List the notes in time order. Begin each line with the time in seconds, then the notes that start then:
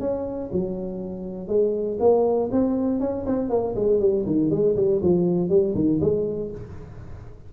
0.00 C#4
0.52 F#3
1.48 G#3
2.00 A#3
2.52 C4
3.00 C#4
3.26 C4
3.50 A#3
3.76 G#3
4.00 G3
4.26 D#3
4.50 G#3
4.76 G3
5.02 F3
5.49 G3
5.75 D#3
6.01 G#3